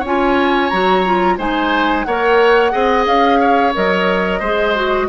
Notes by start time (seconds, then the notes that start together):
0.00 C#4 C#5
0.06 F4 G#5
0.70 F#3 F#4 A#5
1.06 F4
1.38 G#3 D#4 C5 G#5
2.04 A#3 A#4 C#5 F#5
2.72 C4 G#4 D#5
3.06 C#4 F5
3.40 C#5
3.74 F#3 A#4 D#5
4.40 G#3 G#4 C5
4.75 F#4